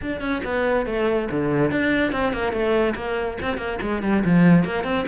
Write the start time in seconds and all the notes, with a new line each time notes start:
0.01 D4
0.21 C#4
0.44 B3
0.86 A3
1.31 D3
1.71 D4
2.12 C4
2.32 A#3
2.52 A3
2.95 A#3
3.41 C4
3.57 A#3
3.81 G#3
4.02 G3
4.25 F3
4.64 A#3
4.84 C4